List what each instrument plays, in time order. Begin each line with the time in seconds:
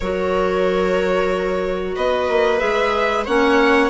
0.00 bassoon F#3, clarinet F#4, viola A#4, violin C#5
1.95 bassoon B3, viola B4, violin D#5
2.28 bassoon A#3
2.59 bassoon G#3, clarinet G#4, violin E5
3.24 bassoon A#3, clarinet C#4, viola C#5, violin F#5